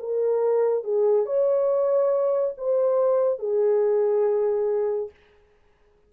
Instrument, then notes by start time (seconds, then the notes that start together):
horn
0.00 A#4
0.84 G#4
1.26 C#5
2.58 C5
3.39 G#4